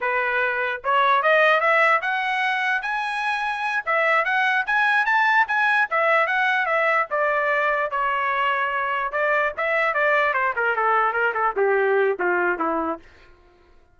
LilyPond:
\new Staff \with { instrumentName = "trumpet" } { \time 4/4 \tempo 4 = 148 b'2 cis''4 dis''4 | e''4 fis''2 gis''4~ | gis''4. e''4 fis''4 gis''8~ | gis''8 a''4 gis''4 e''4 fis''8~ |
fis''8 e''4 d''2 cis''8~ | cis''2~ cis''8 d''4 e''8~ | e''8 d''4 c''8 ais'8 a'4 ais'8 | a'8 g'4. f'4 e'4 | }